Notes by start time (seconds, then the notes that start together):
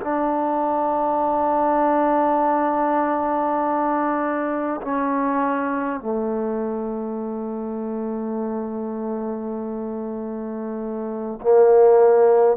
0.00 D4
4.81 C#4
5.99 A3
11.41 A#3